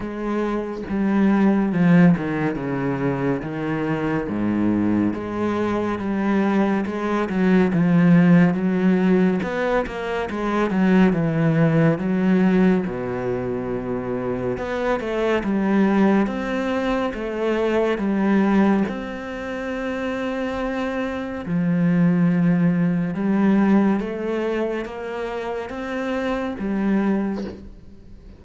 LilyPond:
\new Staff \with { instrumentName = "cello" } { \time 4/4 \tempo 4 = 70 gis4 g4 f8 dis8 cis4 | dis4 gis,4 gis4 g4 | gis8 fis8 f4 fis4 b8 ais8 | gis8 fis8 e4 fis4 b,4~ |
b,4 b8 a8 g4 c'4 | a4 g4 c'2~ | c'4 f2 g4 | a4 ais4 c'4 g4 | }